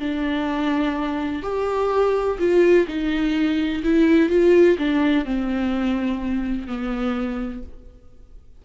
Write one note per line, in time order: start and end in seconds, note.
0.00 1.43 D4
1.43 2.38 G4
2.39 2.87 F4
2.87 3.83 D#4
3.83 4.29 E4
4.29 4.77 F4
4.78 5.25 D4
5.25 6.67 C4
6.67 7.63 B3